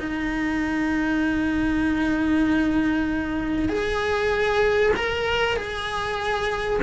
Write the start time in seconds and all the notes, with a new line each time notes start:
0.00 D#4
3.69 G#4
4.97 A#4
5.57 G#4